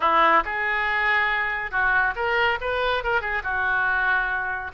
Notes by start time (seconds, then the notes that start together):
0.00 E4
0.44 G#4
1.71 F#4
2.15 A#4
2.60 B4
3.03 A#4
3.21 G#4
3.43 F#4